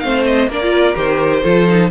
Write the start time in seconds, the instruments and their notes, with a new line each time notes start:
0.00 cello A3, viola C4, violin C5 F5
0.25 violin D#5
0.48 cello A#3, viola D4, violin A#4 D5
0.62 viola F4
0.95 cello D#3, viola G4, violin C5
1.43 cello F3, viola F4, violin A4
1.68 viola D#4